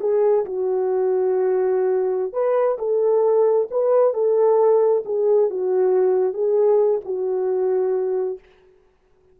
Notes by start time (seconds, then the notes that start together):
0.00 G#4
0.45 F#4
2.33 B4
2.78 A4
3.71 B4
4.13 A4
5.05 G#4
5.50 F#4
6.33 G#4
7.05 F#4